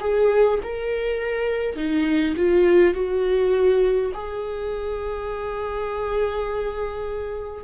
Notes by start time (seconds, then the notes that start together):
0.00 G#4
0.63 A#4
1.75 D#4
2.36 F4
2.94 F#4
4.13 G#4